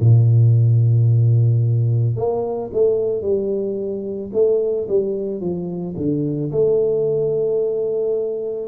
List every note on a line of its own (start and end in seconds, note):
0.00 2.15 A#2
2.15 2.70 A#3
2.72 3.21 A3
3.21 4.30 G3
4.32 4.87 A3
4.88 5.40 G3
5.40 5.95 F3
5.96 6.51 D3
6.51 8.68 A3